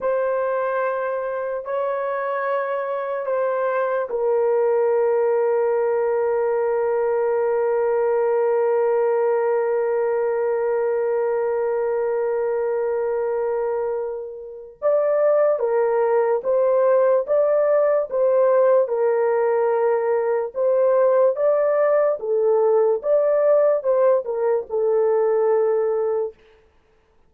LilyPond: \new Staff \with { instrumentName = "horn" } { \time 4/4 \tempo 4 = 73 c''2 cis''2 | c''4 ais'2.~ | ais'1~ | ais'1~ |
ais'2 d''4 ais'4 | c''4 d''4 c''4 ais'4~ | ais'4 c''4 d''4 a'4 | d''4 c''8 ais'8 a'2 | }